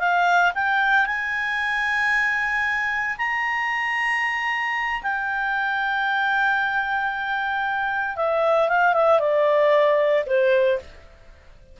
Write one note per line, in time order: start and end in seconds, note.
0.00 0.53 F5
0.55 1.07 G5
1.07 3.17 G#5
3.18 5.03 A#5
5.03 8.17 G5
8.17 8.69 E5
8.69 8.94 F5
8.94 9.20 E5
9.20 10.25 D5
10.27 10.79 C5